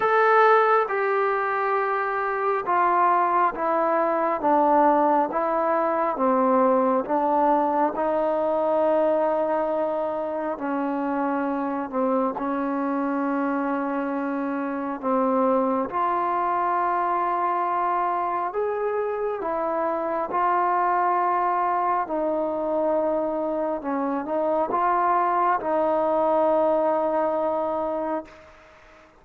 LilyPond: \new Staff \with { instrumentName = "trombone" } { \time 4/4 \tempo 4 = 68 a'4 g'2 f'4 | e'4 d'4 e'4 c'4 | d'4 dis'2. | cis'4. c'8 cis'2~ |
cis'4 c'4 f'2~ | f'4 gis'4 e'4 f'4~ | f'4 dis'2 cis'8 dis'8 | f'4 dis'2. | }